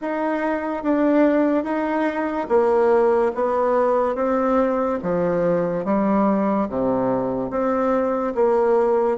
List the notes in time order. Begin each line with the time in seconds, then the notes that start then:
0.01 D#4
0.83 D4
1.64 D#4
2.48 A#3
3.34 B3
4.15 C4
5.02 F3
5.84 G3
6.68 C3
7.50 C4
8.34 A#3